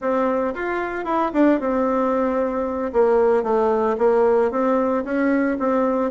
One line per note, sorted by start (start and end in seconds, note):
0.01 0.54 C4
0.54 1.05 F4
1.05 1.31 E4
1.33 1.59 D4
1.59 2.92 C4
2.92 3.43 A#3
3.43 3.96 A3
3.98 4.51 A#3
4.51 5.04 C4
5.04 5.57 C#4
5.59 6.11 C4